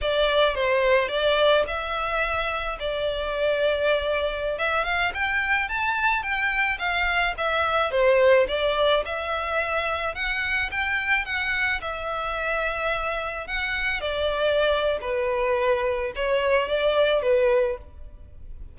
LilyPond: \new Staff \with { instrumentName = "violin" } { \time 4/4 \tempo 4 = 108 d''4 c''4 d''4 e''4~ | e''4 d''2.~ | d''16 e''8 f''8 g''4 a''4 g''8.~ | g''16 f''4 e''4 c''4 d''8.~ |
d''16 e''2 fis''4 g''8.~ | g''16 fis''4 e''2~ e''8.~ | e''16 fis''4 d''4.~ d''16 b'4~ | b'4 cis''4 d''4 b'4 | }